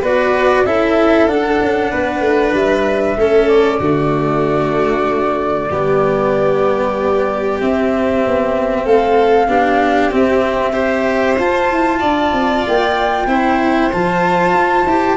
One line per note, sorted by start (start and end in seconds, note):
0.00 0.65 B3
0.00 0.66 F#4
0.00 0.63 B4
0.00 0.66 D5
0.65 1.27 C#4
0.65 1.29 E4
0.65 1.91 A4
0.65 1.29 E5
1.27 1.59 D4
1.27 3.19 D4
1.27 2.55 F#5
1.61 1.92 C#4
1.91 2.21 B3
1.91 3.17 B4
2.21 2.52 A3
2.53 3.17 G3
2.53 3.48 E5
3.17 3.80 A3
3.17 3.82 C#4
3.17 3.79 A4
3.48 7.59 D5
3.79 5.69 D3
3.79 5.71 A3
3.79 5.69 F#4
5.70 7.60 G3
5.70 7.61 B3
5.70 8.85 G4
7.61 9.48 C4
7.61 8.25 C4
7.61 8.85 E5
8.26 8.86 B3
8.85 9.48 A3
8.85 9.48 A4
8.85 10.11 F5
9.48 10.11 B3
9.48 10.11 D4
9.48 10.73 G4
10.11 10.73 C4
10.11 11.39 C4
10.11 11.39 E5
10.73 11.36 G4
10.73 11.99 C5
11.39 11.71 F4
11.39 13.28 F4
11.39 12.65 A5
11.71 12.02 E4
12.00 12.33 D4
12.00 13.26 D5
12.33 12.64 C4
12.67 13.27 A#3
12.67 13.92 G5
13.27 13.90 C4
13.27 13.91 E4
13.27 15.17 C5
13.92 14.53 F3
13.92 14.87 F4
13.92 15.17 A5
14.53 14.85 F4
14.86 15.17 E4
14.86 15.17 G4